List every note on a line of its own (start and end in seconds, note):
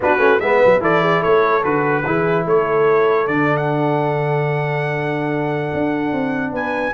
0.00 0.18 B3
0.00 0.18 D4
0.00 0.43 F#4
0.00 0.40 B4
0.18 0.39 A3
0.18 0.39 C#4
0.40 0.60 G#3
0.40 0.80 B3
0.40 0.82 B4
0.40 0.81 E5
0.65 0.81 F#3
0.80 1.22 E3
0.80 1.62 E4
0.80 1.02 A4
0.80 1.22 D5
1.02 1.20 G#4
1.20 1.64 A3
1.20 2.02 A4
1.20 1.63 C#5
1.63 2.05 D3
1.63 2.03 F#4
1.63 2.45 B4
2.05 2.45 E3
2.05 3.28 E4
2.05 2.45 G#4
2.45 3.27 A3
2.45 6.52 A4
2.45 3.27 C#5
3.27 5.72 D3
3.27 6.94 D4
3.27 3.56 D5
3.56 6.52 F#5
5.73 6.12 D4
6.12 6.51 C4
6.51 6.92 B3
6.51 6.93 B4
6.51 6.94 G#5